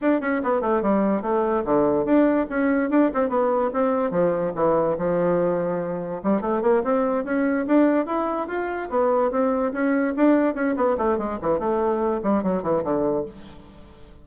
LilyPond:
\new Staff \with { instrumentName = "bassoon" } { \time 4/4 \tempo 4 = 145 d'8 cis'8 b8 a8 g4 a4 | d4 d'4 cis'4 d'8 c'8 | b4 c'4 f4 e4 | f2. g8 a8 |
ais8 c'4 cis'4 d'4 e'8~ | e'8 f'4 b4 c'4 cis'8~ | cis'8 d'4 cis'8 b8 a8 gis8 e8 | a4. g8 fis8 e8 d4 | }